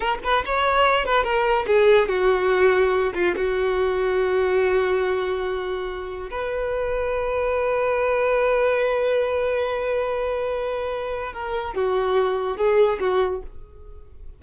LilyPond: \new Staff \with { instrumentName = "violin" } { \time 4/4 \tempo 4 = 143 ais'8 b'8 cis''4. b'8 ais'4 | gis'4 fis'2~ fis'8 f'8 | fis'1~ | fis'2. b'4~ |
b'1~ | b'1~ | b'2. ais'4 | fis'2 gis'4 fis'4 | }